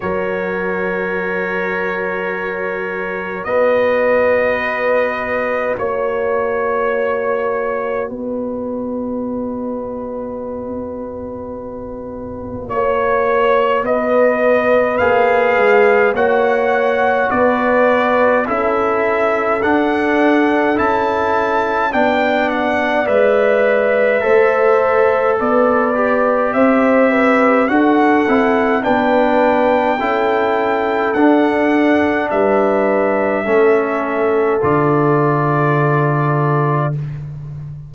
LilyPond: <<
  \new Staff \with { instrumentName = "trumpet" } { \time 4/4 \tempo 4 = 52 cis''2. dis''4~ | dis''4 cis''2 dis''4~ | dis''2. cis''4 | dis''4 f''4 fis''4 d''4 |
e''4 fis''4 a''4 g''8 fis''8 | e''2 d''4 e''4 | fis''4 g''2 fis''4 | e''2 d''2 | }
  \new Staff \with { instrumentName = "horn" } { \time 4/4 ais'2. b'4~ | b'4 cis''2 b'4~ | b'2. cis''4 | b'2 cis''4 b'4 |
a'2. d''4~ | d''4 c''4 b'4 c''8 b'8 | a'4 b'4 a'2 | b'4 a'2. | }
  \new Staff \with { instrumentName = "trombone" } { \time 4/4 fis'1~ | fis'1~ | fis'1~ | fis'4 gis'4 fis'2 |
e'4 d'4 e'4 d'4 | b'4 a'4. g'4. | fis'8 e'8 d'4 e'4 d'4~ | d'4 cis'4 f'2 | }
  \new Staff \with { instrumentName = "tuba" } { \time 4/4 fis2. b4~ | b4 ais2 b4~ | b2. ais4 | b4 ais8 gis8 ais4 b4 |
cis'4 d'4 cis'4 b4 | gis4 a4 b4 c'4 | d'8 c'8 b4 cis'4 d'4 | g4 a4 d2 | }
>>